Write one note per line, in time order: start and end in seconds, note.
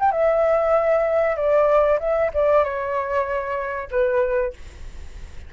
0.00 0.12 G5
0.12 1.37 E5
1.37 1.99 D5
2.00 2.31 E5
2.34 2.64 D5
2.64 3.89 C#5
3.91 4.53 B4